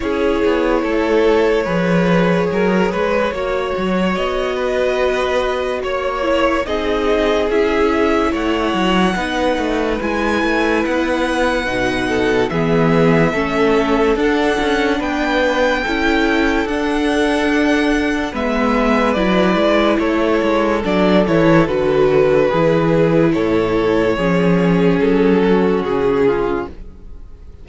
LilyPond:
<<
  \new Staff \with { instrumentName = "violin" } { \time 4/4 \tempo 4 = 72 cis''1~ | cis''4 dis''2 cis''4 | dis''4 e''4 fis''2 | gis''4 fis''2 e''4~ |
e''4 fis''4 g''2 | fis''2 e''4 d''4 | cis''4 d''8 cis''8 b'2 | cis''2 a'4 gis'4 | }
  \new Staff \with { instrumentName = "violin" } { \time 4/4 gis'4 a'4 b'4 ais'8 b'8 | cis''4. b'4. cis''4 | gis'2 cis''4 b'4~ | b'2~ b'8 a'8 gis'4 |
a'2 b'4 a'4~ | a'2 b'2 | a'2. gis'4 | a'4 gis'4. fis'4 f'8 | }
  \new Staff \with { instrumentName = "viola" } { \time 4/4 e'2 gis'2 | fis'2.~ fis'8 e'8 | dis'4 e'2 dis'4 | e'2 dis'4 b4 |
cis'4 d'2 e'4 | d'2 b4 e'4~ | e'4 d'8 e'8 fis'4 e'4~ | e'4 cis'2. | }
  \new Staff \with { instrumentName = "cello" } { \time 4/4 cis'8 b8 a4 f4 fis8 gis8 | ais8 fis8 b2 ais4 | c'4 cis'4 a8 fis8 b8 a8 | gis8 a8 b4 b,4 e4 |
a4 d'8 cis'8 b4 cis'4 | d'2 gis4 fis8 gis8 | a8 gis8 fis8 e8 d4 e4 | a,4 f4 fis4 cis4 | }
>>